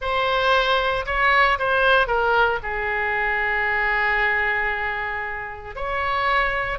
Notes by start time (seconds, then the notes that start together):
0.01 C5
1.06 C#5
1.59 C5
2.07 A#4
2.63 G#4
5.75 C#5